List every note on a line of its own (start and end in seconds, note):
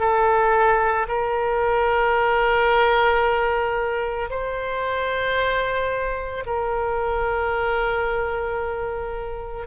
0.00 1.07 A4
1.09 4.30 A#4
4.30 6.44 C5
6.46 9.67 A#4